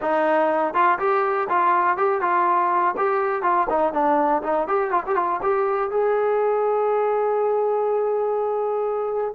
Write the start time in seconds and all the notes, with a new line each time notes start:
0.01 D#4
0.74 F4
0.99 G4
1.49 F4
1.97 G4
2.21 F4
2.97 G4
3.42 F4
3.69 D#4
3.93 D4
4.42 D#4
4.67 G4
4.90 F4
5.06 G4
5.15 F4
5.42 G4
5.91 G#4